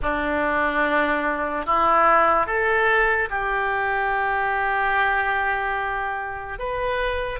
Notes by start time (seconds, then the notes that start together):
0.01 D4
1.66 E4
2.46 A4
3.30 G4
6.58 B4